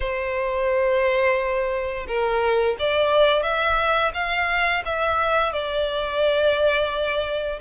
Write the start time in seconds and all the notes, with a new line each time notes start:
0.00 C5
2.07 A#4
2.79 D5
3.42 E5
4.14 F5
4.85 E5
5.52 D5